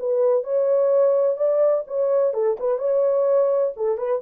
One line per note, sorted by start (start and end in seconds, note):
0.00 0.44 B4
0.44 1.37 C#5
1.37 1.84 D5
1.88 2.34 C#5
2.34 2.57 A4
2.60 2.79 B4
2.79 3.73 C#5
3.77 3.98 A4
3.98 4.22 B4